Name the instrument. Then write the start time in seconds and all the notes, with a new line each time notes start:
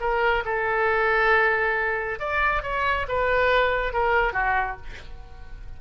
oboe
0.00 A#4
0.45 A4
2.19 D5
2.63 C#5
3.08 B4
3.93 A#4
4.33 F#4